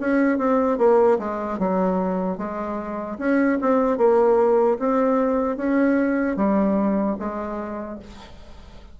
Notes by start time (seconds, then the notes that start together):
0.00 C#4
0.38 C4
0.78 A#3
1.19 G#3
1.59 F#3
2.37 G#3
3.18 C#4
3.61 C4
3.97 A#3
4.79 C4
5.57 C#4
6.36 G3
7.19 G#3